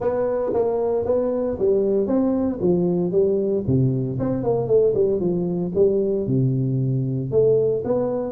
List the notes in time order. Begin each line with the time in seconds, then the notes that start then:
0.00 B3
0.53 A#3
1.05 B3
1.58 G3
2.06 C4
2.61 F3
3.11 G3
3.66 C3
4.19 C4
4.43 A#3
4.67 A3
4.94 G3
5.20 F3
5.74 G3
6.26 C3
7.31 A3
7.84 B3